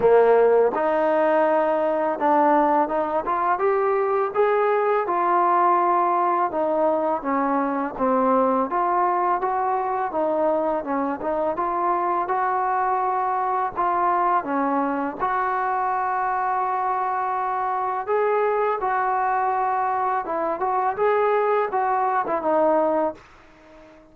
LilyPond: \new Staff \with { instrumentName = "trombone" } { \time 4/4 \tempo 4 = 83 ais4 dis'2 d'4 | dis'8 f'8 g'4 gis'4 f'4~ | f'4 dis'4 cis'4 c'4 | f'4 fis'4 dis'4 cis'8 dis'8 |
f'4 fis'2 f'4 | cis'4 fis'2.~ | fis'4 gis'4 fis'2 | e'8 fis'8 gis'4 fis'8. e'16 dis'4 | }